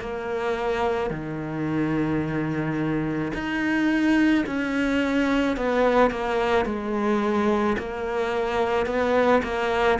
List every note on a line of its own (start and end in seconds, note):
0.00 1.10 A#3
1.10 3.32 D#3
3.33 4.44 D#4
4.46 5.57 C#4
5.57 6.10 B3
6.10 6.65 A#3
6.65 7.76 G#3
7.78 8.86 A#3
8.86 9.41 B3
9.42 9.98 A#3